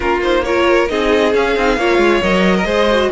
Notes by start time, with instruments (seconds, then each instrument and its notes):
0.00 cello A#3, viola C#4, violin F4 A#4
0.22 viola D#4, violin C5
0.44 viola F4, violin A#4 C#5
0.88 cello C4, viola D#4, violin G#4 D#5
1.33 viola C#4, cello C#4, violin F5
1.56 cello C4, viola D#4
1.77 cello A#3, viola F4, violin C#5
1.98 cello G#3
2.22 cello F#3, viola A#4, violin D#5
2.55 violin A#4
2.64 cello G#3, viola G#4, violin C5
2.90 viola F#4